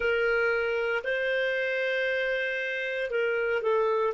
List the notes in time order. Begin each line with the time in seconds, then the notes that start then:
0.00 A#4
1.03 C5
3.10 A#4
3.62 A4